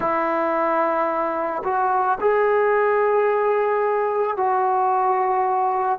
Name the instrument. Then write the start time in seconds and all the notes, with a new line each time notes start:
trombone
0.00 E4
1.64 F#4
2.20 G#4
4.36 F#4